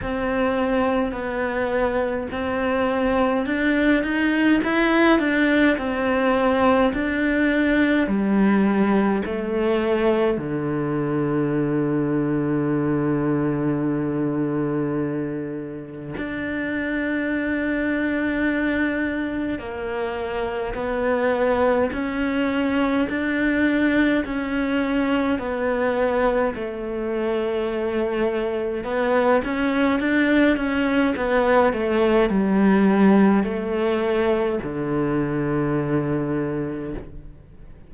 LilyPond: \new Staff \with { instrumentName = "cello" } { \time 4/4 \tempo 4 = 52 c'4 b4 c'4 d'8 dis'8 | e'8 d'8 c'4 d'4 g4 | a4 d2.~ | d2 d'2~ |
d'4 ais4 b4 cis'4 | d'4 cis'4 b4 a4~ | a4 b8 cis'8 d'8 cis'8 b8 a8 | g4 a4 d2 | }